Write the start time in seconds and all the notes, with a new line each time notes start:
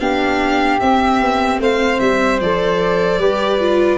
0.00 B3 D4 G4 F5
0.80 C4 E5
1.21 B3
1.59 A3 C5 F5
1.99 G3 E5
2.40 F3 A4 D5
3.19 G3 G4 B4
3.60 F4